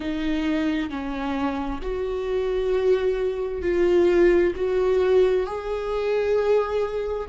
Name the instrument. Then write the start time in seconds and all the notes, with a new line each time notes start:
viola
0.00 D#4
0.90 C#4
1.81 F#4
3.62 F4
4.55 F#4
5.46 G#4